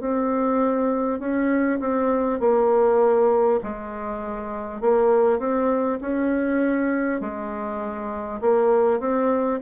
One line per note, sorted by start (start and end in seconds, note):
0.00 1.19 C4
1.19 1.79 C#4
1.79 2.39 C4
2.39 3.59 A#3
3.63 4.81 G#3
4.81 5.38 A#3
5.38 5.98 C4
6.01 7.21 C#4
7.21 8.41 G#3
8.41 8.99 A#3
8.99 9.59 C4